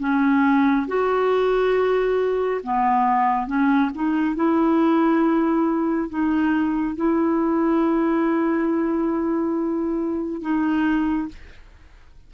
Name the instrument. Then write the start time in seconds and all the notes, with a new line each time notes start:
clarinet
0.00 C#4
0.88 F#4
2.64 B3
3.47 C#4
3.95 D#4
4.36 E4
6.10 D#4
6.96 E4
10.42 D#4